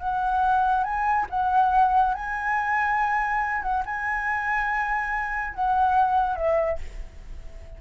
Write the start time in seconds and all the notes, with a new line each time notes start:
0.00 F#5
0.84 G#5
1.30 F#5
2.14 G#5
3.62 F#5
3.85 G#5
5.54 F#5
6.36 E5